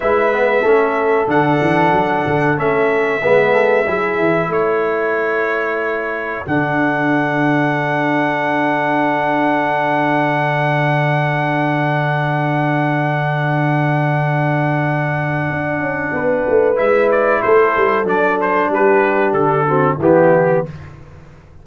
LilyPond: <<
  \new Staff \with { instrumentName = "trumpet" } { \time 4/4 \tempo 4 = 93 e''2 fis''2 | e''2. cis''4~ | cis''2 fis''2~ | fis''1~ |
fis''1~ | fis''1~ | fis''2 e''8 d''8 c''4 | d''8 c''8 b'4 a'4 g'4 | }
  \new Staff \with { instrumentName = "horn" } { \time 4/4 b'4 a'2.~ | a'4 b'8 a'8 gis'4 a'4~ | a'1~ | a'1~ |
a'1~ | a'1~ | a'4 b'2 a'4~ | a'4 g'4. fis'8 e'4 | }
  \new Staff \with { instrumentName = "trombone" } { \time 4/4 e'8 b8 cis'4 d'2 | cis'4 b4 e'2~ | e'2 d'2~ | d'1~ |
d'1~ | d'1~ | d'2 e'2 | d'2~ d'8 c'8 b4 | }
  \new Staff \with { instrumentName = "tuba" } { \time 4/4 gis4 a4 d8 e8 fis8 d8 | a4 gis4 fis8 e8 a4~ | a2 d2~ | d1~ |
d1~ | d1 | d'8 cis'8 b8 a8 gis4 a8 g8 | fis4 g4 d4 e4 | }
>>